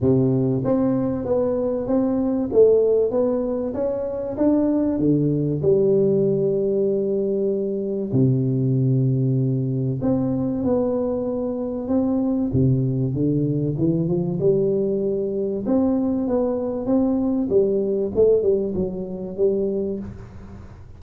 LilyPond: \new Staff \with { instrumentName = "tuba" } { \time 4/4 \tempo 4 = 96 c4 c'4 b4 c'4 | a4 b4 cis'4 d'4 | d4 g2.~ | g4 c2. |
c'4 b2 c'4 | c4 d4 e8 f8 g4~ | g4 c'4 b4 c'4 | g4 a8 g8 fis4 g4 | }